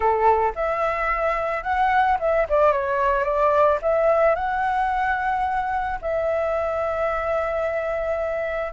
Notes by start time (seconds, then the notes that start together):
0.00 A4
0.55 E5
1.63 F#5
2.19 E5
2.49 D5
2.71 C#5
3.24 D5
3.82 E5
4.35 F#5
6.01 E5